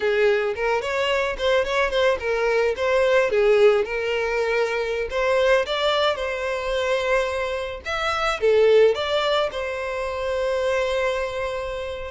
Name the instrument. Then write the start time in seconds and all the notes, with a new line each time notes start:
violin
0.00 G#4
0.55 A#4
0.81 C#5
1.38 C5
1.65 C#5
1.90 C5
2.19 A#4
2.76 C5
3.30 G#4
3.84 A#4
5.10 C5
5.65 D5
6.15 C5
7.85 E5
8.40 A4
8.94 D5
9.51 C5